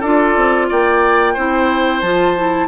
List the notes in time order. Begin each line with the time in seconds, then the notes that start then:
0.00 D4 F4 A4 D5
0.36 C4
0.69 A#3 D5 G5
1.34 C4 E4 C5
2.01 F3 F4 A5
2.37 E4